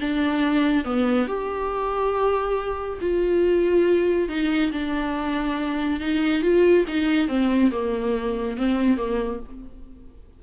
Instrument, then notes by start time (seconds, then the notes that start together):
viola
0.00 D4
0.84 B3
1.27 G4
3.01 F4
4.28 D#4
4.71 D4
6.00 D#4
6.42 F4
6.87 D#4
7.28 C4
7.71 A#3
8.57 C4
8.97 A#3